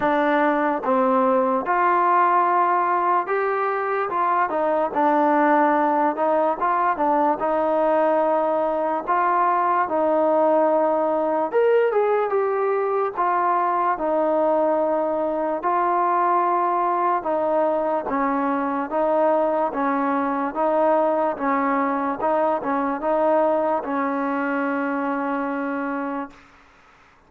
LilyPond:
\new Staff \with { instrumentName = "trombone" } { \time 4/4 \tempo 4 = 73 d'4 c'4 f'2 | g'4 f'8 dis'8 d'4. dis'8 | f'8 d'8 dis'2 f'4 | dis'2 ais'8 gis'8 g'4 |
f'4 dis'2 f'4~ | f'4 dis'4 cis'4 dis'4 | cis'4 dis'4 cis'4 dis'8 cis'8 | dis'4 cis'2. | }